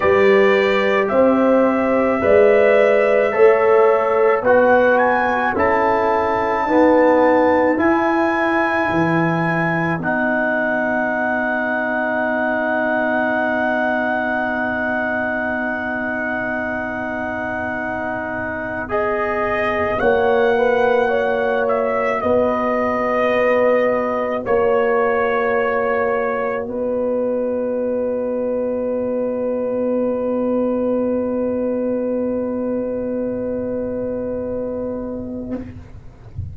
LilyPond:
<<
  \new Staff \with { instrumentName = "trumpet" } { \time 4/4 \tempo 4 = 54 d''4 e''2. | fis''8 gis''8 a''2 gis''4~ | gis''4 fis''2.~ | fis''1~ |
fis''4 dis''4 fis''4. e''8 | dis''2 cis''2 | dis''1~ | dis''1 | }
  \new Staff \with { instrumentName = "horn" } { \time 4/4 b'4 c''4 d''4 cis''4 | b'4 a'4 b'2~ | b'1~ | b'1~ |
b'2 cis''8 b'8 cis''4 | b'2 cis''2 | b'1~ | b'1 | }
  \new Staff \with { instrumentName = "trombone" } { \time 4/4 g'2 b'4 a'4 | fis'4 e'4 b4 e'4~ | e'4 dis'2.~ | dis'1~ |
dis'4 gis'4 fis'2~ | fis'1~ | fis'1~ | fis'1 | }
  \new Staff \with { instrumentName = "tuba" } { \time 4/4 g4 c'4 gis4 a4 | b4 cis'4 dis'4 e'4 | e4 b2.~ | b1~ |
b2 ais2 | b2 ais2 | b1~ | b1 | }
>>